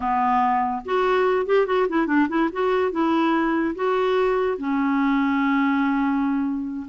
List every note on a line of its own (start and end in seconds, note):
0.00 0.82 B3
0.85 1.46 F#4
1.46 1.66 G4
1.66 1.87 F#4
1.88 2.06 E4
2.06 2.27 D4
2.28 2.49 E4
2.52 2.91 F#4
2.91 3.75 E4
3.75 4.57 F#4
4.57 6.86 C#4